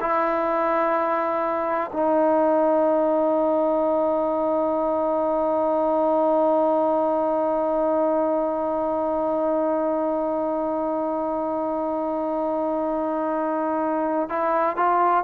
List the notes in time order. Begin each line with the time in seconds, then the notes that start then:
0.00 E4
1.93 D#4
14.29 E4
14.76 F4